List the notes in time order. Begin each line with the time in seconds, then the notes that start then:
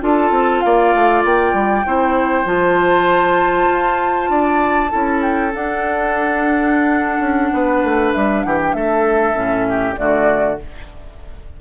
0.00 D4 F4 A4 A5
0.30 C4
0.61 A#3 D5 F5
0.94 A3
1.24 A#3 G5
1.53 G3
1.85 C4 E4 C5
2.45 F3 F4 A5
3.69 F4
4.29 D4 D5
4.90 C#4 E4 A4
5.22 G5
5.52 D4 F#5
7.19 C#4
7.53 B3 B4
7.83 A3
8.12 G3 E5
8.42 E3 G4 F#5
8.61 G5
8.73 A3 A4 E5
9.34 A2 C#4
9.68 G4
9.96 D3 A3 F#4 D5